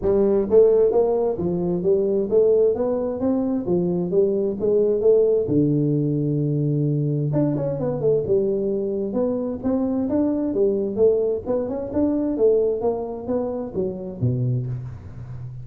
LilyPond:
\new Staff \with { instrumentName = "tuba" } { \time 4/4 \tempo 4 = 131 g4 a4 ais4 f4 | g4 a4 b4 c'4 | f4 g4 gis4 a4 | d1 |
d'8 cis'8 b8 a8 g2 | b4 c'4 d'4 g4 | a4 b8 cis'8 d'4 a4 | ais4 b4 fis4 b,4 | }